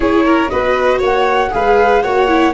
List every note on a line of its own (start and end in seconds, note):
0.00 0.51 C#4
0.00 0.49 E4
0.00 0.25 G#4
0.00 0.49 C#5
0.25 0.50 A#4
0.49 1.01 B3
0.49 1.50 F#4
0.49 0.98 B4
0.49 1.00 D#5
0.98 1.52 A#3
0.98 1.49 C#5
0.98 1.54 F#5
1.50 2.04 G#3
1.50 2.01 G#4
1.50 2.02 B4
1.50 2.02 F5
2.02 2.53 A#3
2.02 2.28 F#4
2.02 2.53 C#5
2.02 2.53 F#5
2.28 2.53 E4